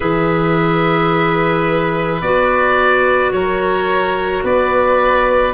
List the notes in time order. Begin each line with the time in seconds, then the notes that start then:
0.00 E3 G#4 B4 E5
2.21 B3 F#4 D5
3.31 F#3 A#4 C#5
4.43 B3 B4 D5